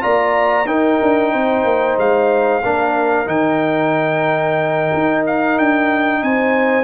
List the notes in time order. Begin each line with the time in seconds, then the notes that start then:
0.00 A#3 F4 D5 A#5
0.64 D#4 A#4 G5
1.02 D4
1.32 C4 C5
1.63 A#3
1.97 G#3 F5
2.61 A#3 D4 A#4
3.25 D#3 D#4 G5
4.93 D#4
5.26 F5
5.57 D4 G5
6.22 C4 C5 G#5